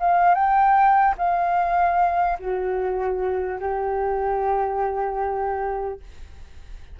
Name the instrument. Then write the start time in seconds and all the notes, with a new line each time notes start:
flute
0.00 F5
0.35 G5
1.18 F5
2.40 F#4
3.60 G4